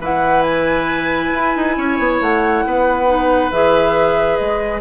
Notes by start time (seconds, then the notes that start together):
0.00 E3 E4 B4 F#5
0.43 G#5
1.34 E4
1.56 D#4
1.77 C#4 C#5
1.99 B3
2.21 A3 F#5
2.65 B3 B4
3.07 D#4
3.52 E3 G#4 E5
4.37 G#3 D#5